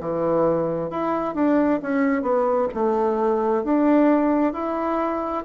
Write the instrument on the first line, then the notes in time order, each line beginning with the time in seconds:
bassoon
0.00 E3
0.90 E4
1.34 D4
1.82 C#4
2.22 B3
2.74 A3
3.64 D4
4.52 E4